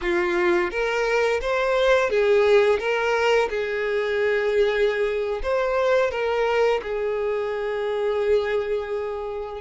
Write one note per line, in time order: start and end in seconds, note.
0.01 0.70 F4
0.70 1.40 A#4
1.41 2.09 C5
2.09 2.79 G#4
2.79 3.49 A#4
3.49 5.41 G#4
5.43 6.10 C5
6.10 6.80 A#4
6.82 9.61 G#4